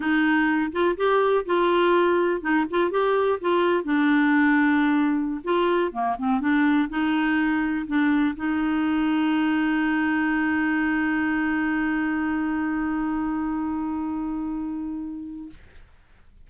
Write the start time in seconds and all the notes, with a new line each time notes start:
0.00 D#4
0.71 F4
0.97 G4
1.45 F4
2.41 D#4
2.70 F4
2.90 G4
3.40 F4
3.84 D4
5.43 F4
5.92 A#3
6.18 C4
6.40 D4
6.89 D#4
7.87 D4
8.36 D#4